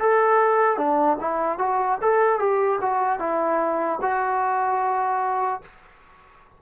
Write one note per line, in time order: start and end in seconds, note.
0.00 0.77 A4
0.77 1.17 D4
1.21 1.59 E4
1.59 1.99 F#4
2.02 2.40 A4
2.40 2.80 G4
2.82 3.20 F#4
3.20 4.00 E4
4.02 5.62 F#4